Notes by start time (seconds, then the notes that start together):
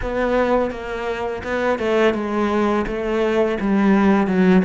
0.02 B3
0.70 A#3
1.43 B3
1.79 A3
2.14 G#3
2.86 A3
3.60 G3
4.27 F#3